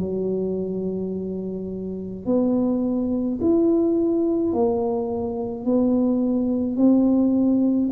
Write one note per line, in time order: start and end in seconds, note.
0.00 2.26 F#3
2.26 3.40 B3
3.41 4.53 E4
4.53 5.66 A#3
5.66 6.77 B3
6.77 7.90 C4